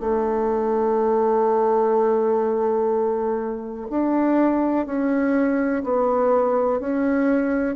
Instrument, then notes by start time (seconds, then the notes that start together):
bassoon
0.00 A3
3.90 D4
4.86 C#4
5.84 B3
6.80 C#4